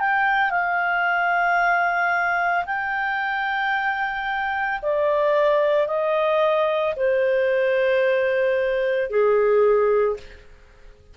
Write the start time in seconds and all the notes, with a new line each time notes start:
0.00 G5
0.51 F5
2.66 G5
4.82 D5
5.88 D#5
6.96 C5
9.10 G#4